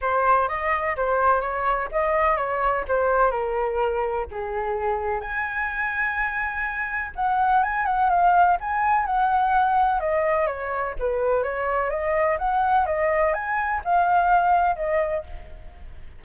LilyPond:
\new Staff \with { instrumentName = "flute" } { \time 4/4 \tempo 4 = 126 c''4 dis''4 c''4 cis''4 | dis''4 cis''4 c''4 ais'4~ | ais'4 gis'2 gis''4~ | gis''2. fis''4 |
gis''8 fis''8 f''4 gis''4 fis''4~ | fis''4 dis''4 cis''4 b'4 | cis''4 dis''4 fis''4 dis''4 | gis''4 f''2 dis''4 | }